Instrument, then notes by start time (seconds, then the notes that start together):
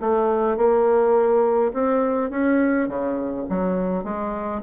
bassoon
0.00 A3
0.57 A#3
1.73 C4
2.30 C#4
2.88 C#3
3.49 F#3
4.03 G#3